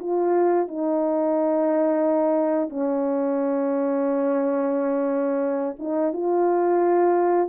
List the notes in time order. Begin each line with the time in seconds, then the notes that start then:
0.00 F4
0.68 D#4
2.70 C#4
5.79 D#4
6.13 F4